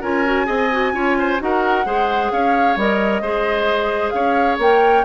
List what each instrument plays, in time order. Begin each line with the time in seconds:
0.00 bassoon C#4, clarinet F4, oboe A#4, flute G#5
0.25 clarinet F#4
0.45 bassoon C4, clarinet G#4, oboe D#5
0.71 clarinet F#4
0.93 bassoon C#4, clarinet F4, oboe C#5
1.18 oboe C5
1.38 bassoon D#4, clarinet F#4, oboe A#4, flute F#5
1.85 bassoon G#3, clarinet G#4, oboe C5
2.31 bassoon C#4, oboe C#5, flute F5
2.76 bassoon G3, clarinet A#4, flute D#5
3.21 bassoon G#3, clarinet G#4, oboe C5
4.10 bassoon C#4, oboe C#5, flute F5
4.58 bassoon A#3, clarinet A#4, flute G5